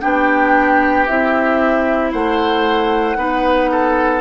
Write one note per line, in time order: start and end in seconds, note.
0.00 1.08 B3
0.00 1.06 D4
0.00 2.11 G4
0.00 1.05 G5
1.06 2.13 C4
1.06 3.16 E4
1.06 2.11 E5
2.11 3.16 A3
2.11 3.16 C5
2.11 4.20 F#5
3.16 4.20 B3
3.16 4.20 D#4
3.16 3.70 B4
3.71 4.20 A4